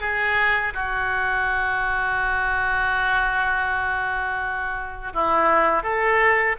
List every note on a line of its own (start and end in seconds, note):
0.00 0.73 G#4
0.74 5.13 F#4
5.13 5.83 E4
5.83 6.56 A4